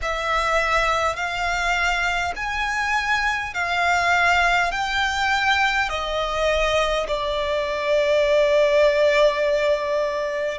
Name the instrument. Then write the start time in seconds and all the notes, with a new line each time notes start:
violin
0.02 E5
1.16 F5
2.36 G#5
3.53 F5
4.71 G5
5.89 D#5
7.07 D5